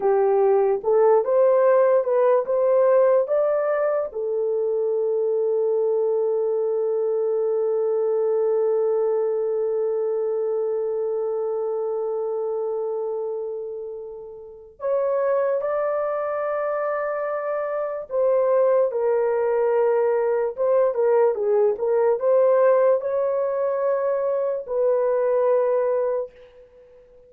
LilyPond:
\new Staff \with { instrumentName = "horn" } { \time 4/4 \tempo 4 = 73 g'4 a'8 c''4 b'8 c''4 | d''4 a'2.~ | a'1~ | a'1~ |
a'2 cis''4 d''4~ | d''2 c''4 ais'4~ | ais'4 c''8 ais'8 gis'8 ais'8 c''4 | cis''2 b'2 | }